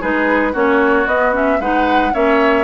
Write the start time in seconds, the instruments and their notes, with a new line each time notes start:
0.00 bassoon G#3, clarinet D#4, oboe G#4, flute B4
0.52 bassoon A#3, clarinet C#4, oboe F#4, flute C#5
1.06 bassoon B3, clarinet B3, flute D#5
1.32 clarinet C#4, flute E5
1.59 bassoon G#3, clarinet D#4, oboe B4, flute F#5
2.13 bassoon A#3, clarinet C#4, oboe C#5, flute E5